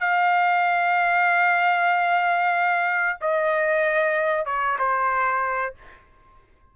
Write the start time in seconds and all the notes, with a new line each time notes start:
0.00 F5
3.21 D#5
4.46 C#5
4.79 C5